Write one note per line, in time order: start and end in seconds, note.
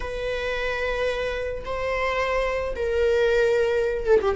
0.00 1.64 B4
1.65 2.74 C5
2.75 4.05 A#4
4.05 4.19 A4
4.21 4.35 G4